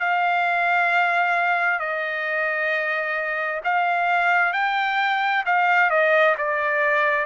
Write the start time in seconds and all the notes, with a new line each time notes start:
0.00 F5
1.79 D#5
3.64 F5
4.53 G5
5.46 F5
5.90 D#5
6.38 D5